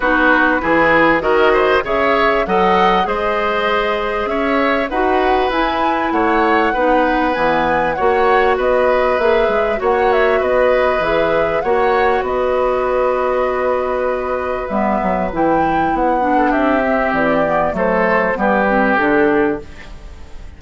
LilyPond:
<<
  \new Staff \with { instrumentName = "flute" } { \time 4/4 \tempo 4 = 98 b'2 dis''4 e''4 | fis''4 dis''2 e''4 | fis''4 gis''4 fis''2 | gis''4 fis''4 dis''4 e''4 |
fis''8 e''8 dis''4 e''4 fis''4 | dis''1 | e''4 g''4 fis''4 e''4 | d''4 c''4 b'4 a'4 | }
  \new Staff \with { instrumentName = "oboe" } { \time 4/4 fis'4 gis'4 ais'8 c''8 cis''4 | dis''4 c''2 cis''4 | b'2 cis''4 b'4~ | b'4 cis''4 b'2 |
cis''4 b'2 cis''4 | b'1~ | b'2~ b'8. a'16 g'4~ | g'4 a'4 g'2 | }
  \new Staff \with { instrumentName = "clarinet" } { \time 4/4 dis'4 e'4 fis'4 gis'4 | a'4 gis'2. | fis'4 e'2 dis'4 | b4 fis'2 gis'4 |
fis'2 gis'4 fis'4~ | fis'1 | b4 e'4. d'4 c'8~ | c'8 b8 a4 b8 c'8 d'4 | }
  \new Staff \with { instrumentName = "bassoon" } { \time 4/4 b4 e4 dis4 cis4 | fis4 gis2 cis'4 | dis'4 e'4 a4 b4 | e4 ais4 b4 ais8 gis8 |
ais4 b4 e4 ais4 | b1 | g8 fis8 e4 b4 c'4 | e4 fis4 g4 d4 | }
>>